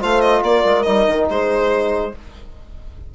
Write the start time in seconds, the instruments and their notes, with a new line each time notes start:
0.00 bassoon A3, trombone F4, horn C5, violin F5
0.21 violin D#5
0.41 bassoon A#3, horn A#4, violin D5
0.64 bassoon G#3
0.82 bassoon G3, trombone D#4, violin D#5
1.07 bassoon D#3
1.29 bassoon G#3, horn G#4, violin C5